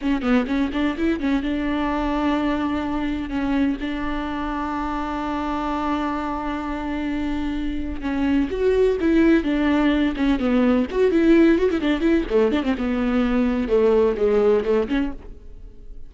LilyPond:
\new Staff \with { instrumentName = "viola" } { \time 4/4 \tempo 4 = 127 cis'8 b8 cis'8 d'8 e'8 cis'8 d'4~ | d'2. cis'4 | d'1~ | d'1~ |
d'4 cis'4 fis'4 e'4 | d'4. cis'8 b4 fis'8 e'8~ | e'8 fis'16 e'16 d'8 e'8 a8 d'16 c'16 b4~ | b4 a4 gis4 a8 cis'8 | }